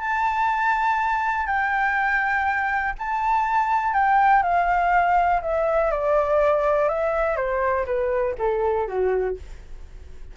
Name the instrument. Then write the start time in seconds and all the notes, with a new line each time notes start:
flute
0.00 A5
1.46 G5
2.98 A5
3.94 G5
4.43 F5
5.42 E5
5.91 D5
6.88 E5
7.36 C5
7.86 B4
8.38 A4
8.87 F#4